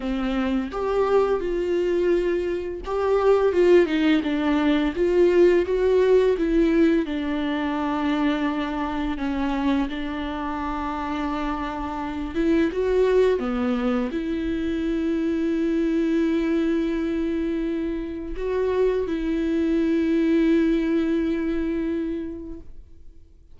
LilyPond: \new Staff \with { instrumentName = "viola" } { \time 4/4 \tempo 4 = 85 c'4 g'4 f'2 | g'4 f'8 dis'8 d'4 f'4 | fis'4 e'4 d'2~ | d'4 cis'4 d'2~ |
d'4. e'8 fis'4 b4 | e'1~ | e'2 fis'4 e'4~ | e'1 | }